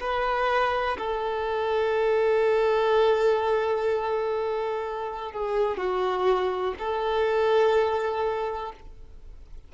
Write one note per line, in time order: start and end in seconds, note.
0.00 0.97 B4
0.98 5.32 A4
5.32 5.77 G#4
5.77 6.74 F#4
6.79 8.72 A4